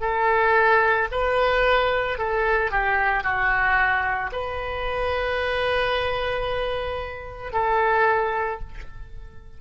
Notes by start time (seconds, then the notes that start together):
0.00 A4
1.11 B4
2.18 A4
2.70 G4
3.23 F#4
4.32 B4
7.52 A4